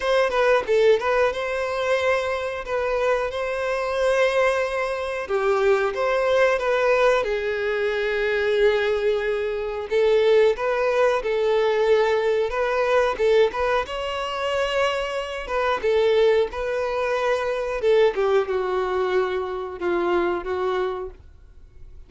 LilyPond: \new Staff \with { instrumentName = "violin" } { \time 4/4 \tempo 4 = 91 c''8 b'8 a'8 b'8 c''2 | b'4 c''2. | g'4 c''4 b'4 gis'4~ | gis'2. a'4 |
b'4 a'2 b'4 | a'8 b'8 cis''2~ cis''8 b'8 | a'4 b'2 a'8 g'8 | fis'2 f'4 fis'4 | }